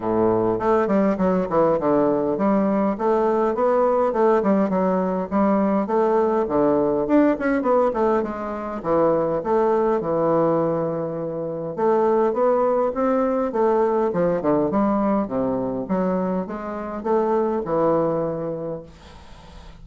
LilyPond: \new Staff \with { instrumentName = "bassoon" } { \time 4/4 \tempo 4 = 102 a,4 a8 g8 fis8 e8 d4 | g4 a4 b4 a8 g8 | fis4 g4 a4 d4 | d'8 cis'8 b8 a8 gis4 e4 |
a4 e2. | a4 b4 c'4 a4 | f8 d8 g4 c4 fis4 | gis4 a4 e2 | }